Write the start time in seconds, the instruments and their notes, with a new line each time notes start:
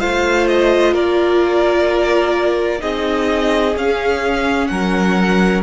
0.00 cello A3, viola F4, violin C5 F5
0.48 violin D#5
0.94 cello A#3, violin A#4 D5
2.79 cello C4, viola D#4, violin G#4 D#5
3.76 cello C#4, viola C#4, violin F5
4.67 cello F#3, violin A#4 F#5